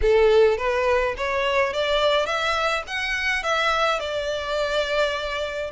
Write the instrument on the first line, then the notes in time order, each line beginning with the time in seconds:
violin
0.01 A4
0.57 B4
1.17 C#5
1.73 D5
2.25 E5
2.87 F#5
3.43 E5
3.99 D5